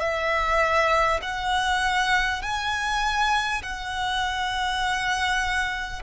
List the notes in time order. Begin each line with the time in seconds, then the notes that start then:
0.00 E5
1.22 F#5
2.42 G#5
3.62 F#5